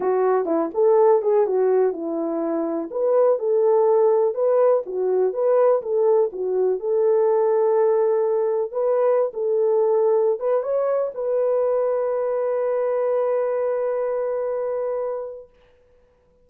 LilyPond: \new Staff \with { instrumentName = "horn" } { \time 4/4 \tempo 4 = 124 fis'4 e'8 a'4 gis'8 fis'4 | e'2 b'4 a'4~ | a'4 b'4 fis'4 b'4 | a'4 fis'4 a'2~ |
a'2 b'4~ b'16 a'8.~ | a'4. b'8 cis''4 b'4~ | b'1~ | b'1 | }